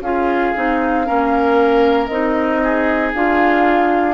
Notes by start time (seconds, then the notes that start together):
0.00 C#4 F4 G#4 F5
0.55 C4 D#4
1.05 A#3 C#4 A#4
2.07 C4 D#4 D#5
2.63 G#4
3.14 D4 F4 F5